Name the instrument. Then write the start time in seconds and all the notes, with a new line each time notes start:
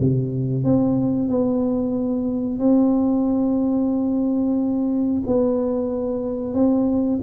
tuba
0.00 C3
0.64 C4
1.29 B3
2.59 C4
5.27 B3
6.54 C4